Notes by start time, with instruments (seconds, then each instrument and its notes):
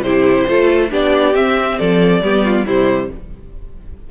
0.00 cello C3, viola E4, violin G4 C5
0.48 cello A3, viola F4, violin A4
0.90 cello B3, viola D4, violin G4 D5
1.35 viola C4, cello C4, violin E5
1.79 cello F3, violin A4 D5
2.21 cello G3, viola B3, violin G4
2.44 violin F4
2.66 cello C3, viola G3, violin E4 C5